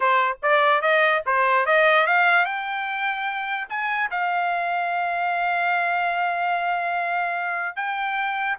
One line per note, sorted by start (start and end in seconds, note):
0.00 0.37 C5
0.42 0.81 D5
0.81 1.22 D#5
1.25 1.66 C5
1.66 2.06 D#5
2.06 2.45 F5
2.45 3.67 G5
3.69 4.10 G#5
4.10 7.76 F5
7.76 8.57 G5